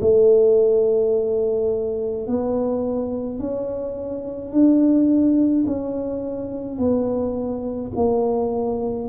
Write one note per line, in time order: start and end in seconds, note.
0.00 2.26 A3
2.27 3.39 B3
3.39 4.51 C#4
4.51 5.64 D4
5.66 6.78 C#4
6.78 7.91 B3
7.95 9.08 A#3